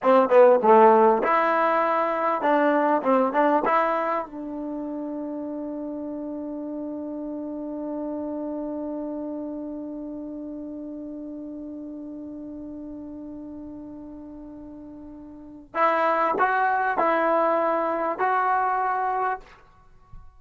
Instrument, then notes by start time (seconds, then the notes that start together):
trombone
0.02 C4
0.29 B3
0.62 A3
1.23 E4
2.41 D4
3.02 C4
3.33 D4
3.65 E4
4.25 D4
15.74 E4
16.38 F#4
16.98 E4
18.18 F#4